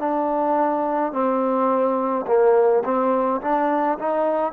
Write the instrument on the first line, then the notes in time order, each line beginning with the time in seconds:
trombone
0.00 D4
1.13 C4
2.27 A#3
2.85 C4
3.42 D4
3.99 D#4